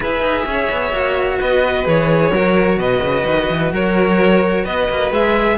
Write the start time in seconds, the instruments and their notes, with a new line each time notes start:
0.00 cello E4 G#4, violin B4 E5
0.21 cello D#4
0.45 cello C#4, violin C#5
0.70 cello B3
0.92 cello A#3 F#4
1.38 cello B3, violin B4 D#5
1.84 cello E3 G#4, violin C#5
2.31 cello F#3 F#4, violin A#4
2.76 cello B2, violin B4 D#5
3.01 cello C#3
3.25 cello D#3
3.49 cello E3
3.72 cello F#3, violin A#4 C#5
4.64 cello B3, violin B4 D#5
4.89 cello A#3
5.11 cello G#3 G#4, violin E5